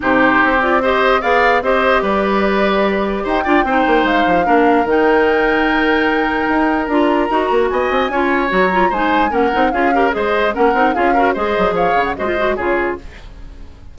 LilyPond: <<
  \new Staff \with { instrumentName = "flute" } { \time 4/4 \tempo 4 = 148 c''4. d''8 dis''4 f''4 | dis''4 d''2. | g''2 f''2 | g''1~ |
g''4 ais''2 gis''4~ | gis''4 ais''4 gis''4 fis''4 | f''4 dis''4 fis''4 f''4 | dis''4 f''8. fis''16 dis''4 cis''4 | }
  \new Staff \with { instrumentName = "oboe" } { \time 4/4 g'2 c''4 d''4 | c''4 b'2. | c''8 d''8 c''2 ais'4~ | ais'1~ |
ais'2. dis''4 | cis''2 c''4 ais'4 | gis'8 ais'8 c''4 ais'4 gis'8 ais'8 | c''4 cis''4 c''4 gis'4 | }
  \new Staff \with { instrumentName = "clarinet" } { \time 4/4 dis'4. f'8 g'4 gis'4 | g'1~ | g'8 f'8 dis'2 d'4 | dis'1~ |
dis'4 f'4 fis'2 | f'4 fis'8 f'8 dis'4 cis'8 dis'8 | f'8 g'8 gis'4 cis'8 dis'8 f'8 fis'8 | gis'2 fis'16 f'16 fis'8 f'4 | }
  \new Staff \with { instrumentName = "bassoon" } { \time 4/4 c4 c'2 b4 | c'4 g2. | dis'8 d'8 c'8 ais8 gis8 f8 ais4 | dis1 |
dis'4 d'4 dis'8 ais8 b8 c'8 | cis'4 fis4 gis4 ais8 c'8 | cis'4 gis4 ais8 c'8 cis'4 | gis8 fis8 f8 cis8 gis4 cis4 | }
>>